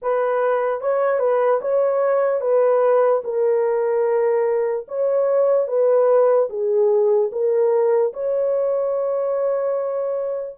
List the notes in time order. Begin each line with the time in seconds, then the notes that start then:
0.02 B4
0.80 C#5
1.19 B4
1.61 C#5
2.40 B4
3.24 A#4
4.88 C#5
5.67 B4
6.49 G#4
7.32 A#4
8.13 C#5